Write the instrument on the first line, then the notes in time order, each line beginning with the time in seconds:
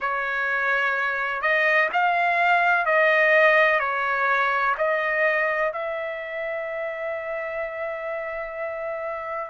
trumpet
0.00 C#5
1.41 D#5
1.92 F5
2.85 D#5
3.79 C#5
4.77 D#5
5.72 E5